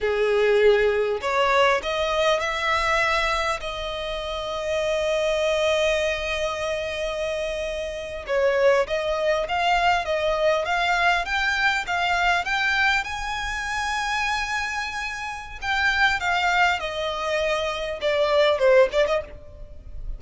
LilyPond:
\new Staff \with { instrumentName = "violin" } { \time 4/4 \tempo 4 = 100 gis'2 cis''4 dis''4 | e''2 dis''2~ | dis''1~ | dis''4.~ dis''16 cis''4 dis''4 f''16~ |
f''8. dis''4 f''4 g''4 f''16~ | f''8. g''4 gis''2~ gis''16~ | gis''2 g''4 f''4 | dis''2 d''4 c''8 d''16 dis''16 | }